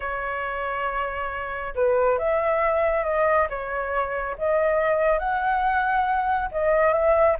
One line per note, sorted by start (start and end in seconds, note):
0.00 1.74 C#5
1.75 2.18 B4
2.18 3.04 E5
3.04 3.47 D#5
3.49 4.36 C#5
4.37 5.19 D#5
5.19 6.49 F#5
6.51 6.93 D#5
6.93 7.36 E5